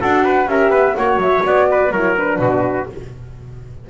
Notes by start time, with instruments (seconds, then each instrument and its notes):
0.00 double bass D4, horn F#4, trumpet A4, flute F#5
0.25 trumpet B4
0.47 double bass C#4, horn G4, trumpet A#4, flute E5
0.70 double bass B3, trumpet B4
0.96 double bass A#3, horn F#4, trumpet C#5, flute F#5
1.17 double bass F#3, flute E5
1.45 double bass B3, flute D5
1.70 trumpet B4
1.91 double bass F#3, horn E4, trumpet A#4, flute C#5
2.17 horn D4, flute B4
2.39 double bass B2, trumpet F#4